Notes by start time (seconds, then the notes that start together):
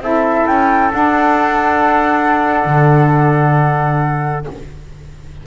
0.00 C4 E4 A4 E5
0.47 C#4 G5
0.91 D4 F#5
2.64 D3